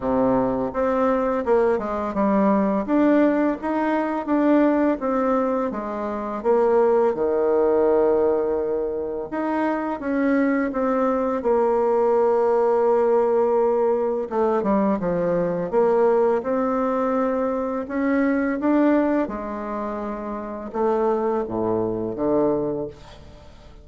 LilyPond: \new Staff \with { instrumentName = "bassoon" } { \time 4/4 \tempo 4 = 84 c4 c'4 ais8 gis8 g4 | d'4 dis'4 d'4 c'4 | gis4 ais4 dis2~ | dis4 dis'4 cis'4 c'4 |
ais1 | a8 g8 f4 ais4 c'4~ | c'4 cis'4 d'4 gis4~ | gis4 a4 a,4 d4 | }